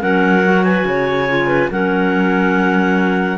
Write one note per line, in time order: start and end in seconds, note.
0.00 0.84 F#3
0.00 0.42 C#4
0.00 0.64 A#4
0.00 0.64 F#5
0.44 1.29 F#4
0.64 0.86 B4
0.64 1.70 G#5
0.84 1.69 C#3
0.84 1.47 C#5
1.29 1.71 F4
1.47 1.68 B4
1.71 3.37 F#3
1.71 3.37 C#4
1.71 3.37 A#4
1.71 3.37 F#5